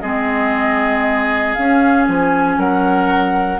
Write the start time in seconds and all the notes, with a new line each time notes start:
0.00 G#3 C4 G#4 D#5
1.54 C#4 F5
2.08 F3 G#5
2.57 F#3 A#4 F#5